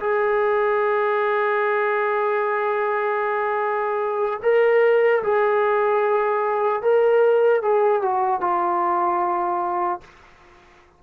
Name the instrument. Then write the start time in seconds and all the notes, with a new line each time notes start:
trombone
0.00 G#4
4.43 A#4
5.23 G#4
6.82 A#4
7.63 G#4
8.02 F#4
8.40 F4